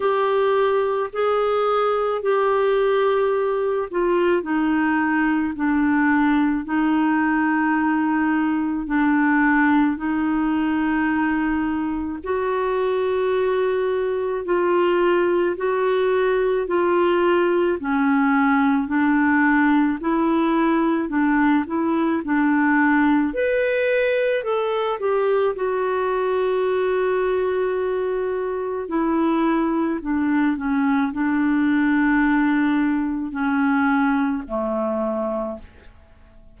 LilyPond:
\new Staff \with { instrumentName = "clarinet" } { \time 4/4 \tempo 4 = 54 g'4 gis'4 g'4. f'8 | dis'4 d'4 dis'2 | d'4 dis'2 fis'4~ | fis'4 f'4 fis'4 f'4 |
cis'4 d'4 e'4 d'8 e'8 | d'4 b'4 a'8 g'8 fis'4~ | fis'2 e'4 d'8 cis'8 | d'2 cis'4 a4 | }